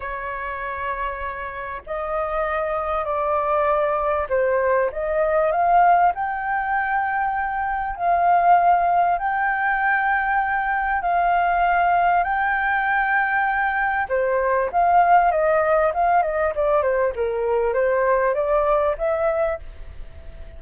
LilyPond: \new Staff \with { instrumentName = "flute" } { \time 4/4 \tempo 4 = 98 cis''2. dis''4~ | dis''4 d''2 c''4 | dis''4 f''4 g''2~ | g''4 f''2 g''4~ |
g''2 f''2 | g''2. c''4 | f''4 dis''4 f''8 dis''8 d''8 c''8 | ais'4 c''4 d''4 e''4 | }